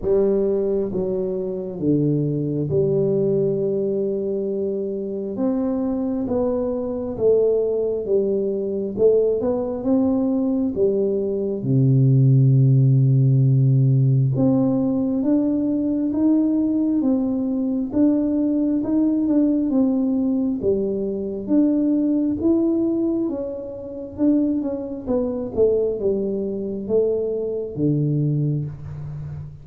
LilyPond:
\new Staff \with { instrumentName = "tuba" } { \time 4/4 \tempo 4 = 67 g4 fis4 d4 g4~ | g2 c'4 b4 | a4 g4 a8 b8 c'4 | g4 c2. |
c'4 d'4 dis'4 c'4 | d'4 dis'8 d'8 c'4 g4 | d'4 e'4 cis'4 d'8 cis'8 | b8 a8 g4 a4 d4 | }